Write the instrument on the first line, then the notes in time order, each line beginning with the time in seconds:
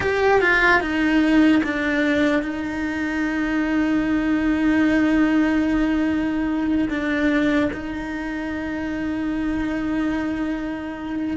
cello
0.00 G4
0.41 F4
0.81 D#4
1.63 D4
2.42 D#4
6.89 D4
7.72 D#4